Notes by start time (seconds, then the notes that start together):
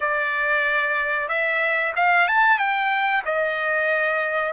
0.00 D5
1.28 E5
1.96 F5
2.27 A5
2.58 G5
3.25 D#5